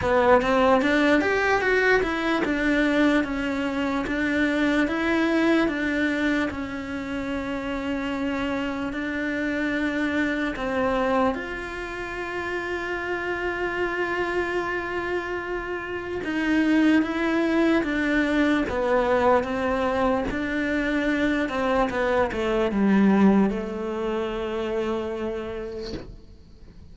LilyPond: \new Staff \with { instrumentName = "cello" } { \time 4/4 \tempo 4 = 74 b8 c'8 d'8 g'8 fis'8 e'8 d'4 | cis'4 d'4 e'4 d'4 | cis'2. d'4~ | d'4 c'4 f'2~ |
f'1 | dis'4 e'4 d'4 b4 | c'4 d'4. c'8 b8 a8 | g4 a2. | }